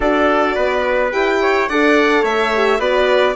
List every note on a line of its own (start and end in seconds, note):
0.00 0.56 D4
0.00 1.11 F#4
0.00 0.55 A4
0.00 1.12 D5
0.55 1.12 B3
0.55 1.39 B4
1.11 1.69 E4
1.11 1.67 G4
1.11 1.68 G5
1.41 1.69 C#5
1.68 2.23 D4
1.68 2.54 A4
1.68 2.21 D5
1.68 2.24 F#5
2.21 2.79 A3
2.21 2.78 C#5
2.21 2.80 E5
2.54 2.79 G4
2.79 3.35 B3
2.79 3.35 F#4
2.79 3.35 B4
2.79 3.36 D5